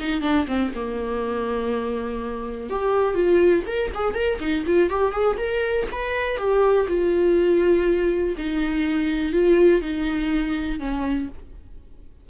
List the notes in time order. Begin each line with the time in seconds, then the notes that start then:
0.00 D#4
0.22 D4
0.48 C4
0.75 A#3
2.70 G4
3.15 F4
3.67 A#4
3.95 G#4
4.15 A#4
4.40 D#4
4.67 F4
4.90 G4
5.12 G#4
5.38 A#4
5.92 B4
6.38 G4
6.88 F4
8.38 D#4
9.33 F4
9.82 D#4
10.80 C#4